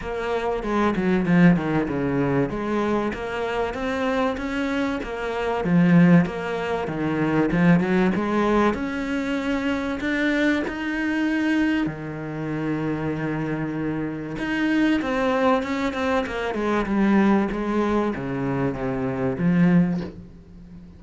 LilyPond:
\new Staff \with { instrumentName = "cello" } { \time 4/4 \tempo 4 = 96 ais4 gis8 fis8 f8 dis8 cis4 | gis4 ais4 c'4 cis'4 | ais4 f4 ais4 dis4 | f8 fis8 gis4 cis'2 |
d'4 dis'2 dis4~ | dis2. dis'4 | c'4 cis'8 c'8 ais8 gis8 g4 | gis4 cis4 c4 f4 | }